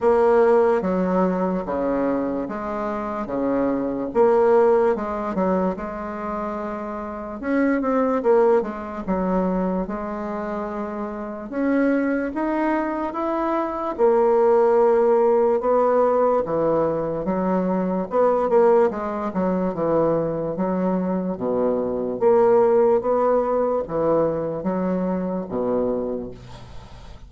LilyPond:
\new Staff \with { instrumentName = "bassoon" } { \time 4/4 \tempo 4 = 73 ais4 fis4 cis4 gis4 | cis4 ais4 gis8 fis8 gis4~ | gis4 cis'8 c'8 ais8 gis8 fis4 | gis2 cis'4 dis'4 |
e'4 ais2 b4 | e4 fis4 b8 ais8 gis8 fis8 | e4 fis4 b,4 ais4 | b4 e4 fis4 b,4 | }